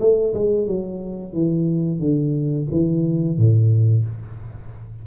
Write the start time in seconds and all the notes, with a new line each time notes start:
0.00 A3
0.34 G#3
0.67 F#3
1.33 E3
2.00 D3
2.71 E3
3.37 A2